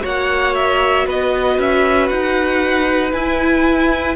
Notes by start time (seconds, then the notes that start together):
0.00 A#3 F#4 C#5 F#5
0.55 E5
1.06 B3 B4 D#5
1.58 C#4 E5
2.08 D#4 F#5
3.13 E4 G#5